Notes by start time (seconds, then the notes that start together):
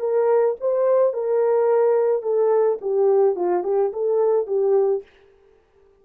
0.00 A#4
0.61 C5
1.13 A#4
2.23 A4
2.81 G4
3.36 F4
3.64 G4
3.93 A4
4.47 G4